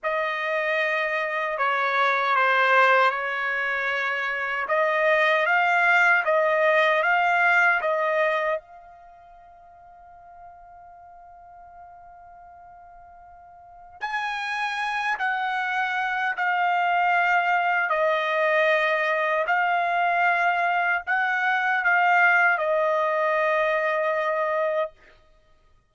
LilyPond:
\new Staff \with { instrumentName = "trumpet" } { \time 4/4 \tempo 4 = 77 dis''2 cis''4 c''4 | cis''2 dis''4 f''4 | dis''4 f''4 dis''4 f''4~ | f''1~ |
f''2 gis''4. fis''8~ | fis''4 f''2 dis''4~ | dis''4 f''2 fis''4 | f''4 dis''2. | }